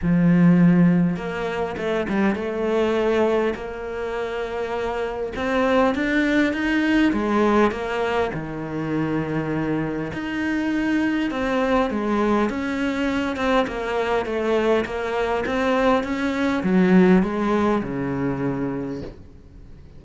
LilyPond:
\new Staff \with { instrumentName = "cello" } { \time 4/4 \tempo 4 = 101 f2 ais4 a8 g8 | a2 ais2~ | ais4 c'4 d'4 dis'4 | gis4 ais4 dis2~ |
dis4 dis'2 c'4 | gis4 cis'4. c'8 ais4 | a4 ais4 c'4 cis'4 | fis4 gis4 cis2 | }